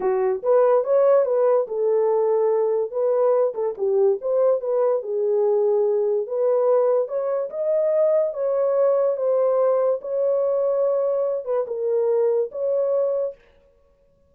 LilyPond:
\new Staff \with { instrumentName = "horn" } { \time 4/4 \tempo 4 = 144 fis'4 b'4 cis''4 b'4 | a'2. b'4~ | b'8 a'8 g'4 c''4 b'4 | gis'2. b'4~ |
b'4 cis''4 dis''2 | cis''2 c''2 | cis''2.~ cis''8 b'8 | ais'2 cis''2 | }